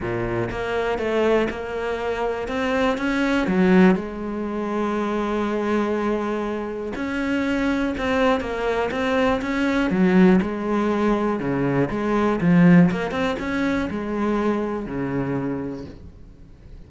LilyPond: \new Staff \with { instrumentName = "cello" } { \time 4/4 \tempo 4 = 121 ais,4 ais4 a4 ais4~ | ais4 c'4 cis'4 fis4 | gis1~ | gis2 cis'2 |
c'4 ais4 c'4 cis'4 | fis4 gis2 cis4 | gis4 f4 ais8 c'8 cis'4 | gis2 cis2 | }